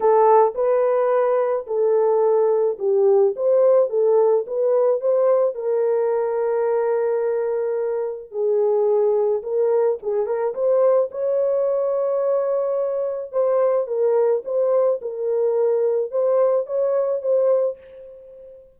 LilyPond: \new Staff \with { instrumentName = "horn" } { \time 4/4 \tempo 4 = 108 a'4 b'2 a'4~ | a'4 g'4 c''4 a'4 | b'4 c''4 ais'2~ | ais'2. gis'4~ |
gis'4 ais'4 gis'8 ais'8 c''4 | cis''1 | c''4 ais'4 c''4 ais'4~ | ais'4 c''4 cis''4 c''4 | }